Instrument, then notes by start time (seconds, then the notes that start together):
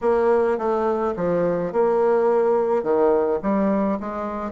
bassoon
0.01 A#3
0.57 A3
1.16 F3
1.72 A#3
2.83 D#3
3.42 G3
4.00 G#3